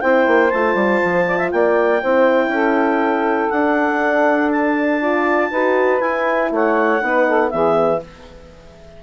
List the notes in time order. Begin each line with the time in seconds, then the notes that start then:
0.00 C4 E4 C5 G5
0.27 A#3
0.50 A3 F4 A5
0.74 G3
1.03 F3
1.26 D5
1.38 E5
1.51 A#3 D5 G5
2.01 C4 E4 C5
2.48 C#4 A4
3.50 D4 F#5
4.51 A5
5.00 F4 D5
5.51 D#4 F#4 B4
5.99 E4 G#5
6.51 A3 C#5 F#5
7.01 B3 D#4 B4
7.26 A4
7.49 E3 B3 G#4 E5